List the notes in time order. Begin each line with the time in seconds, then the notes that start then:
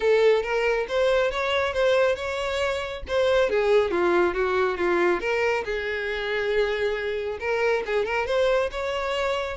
0.00 A4
0.42 A#4
0.88 C5
1.31 C#5
1.73 C5
2.15 C#5
3.07 C5
3.49 G#4
3.90 F4
4.34 F#4
4.77 F4
5.20 A#4
5.64 G#4
7.39 A#4
7.85 G#4
8.05 A#4
8.26 C5
8.71 C#5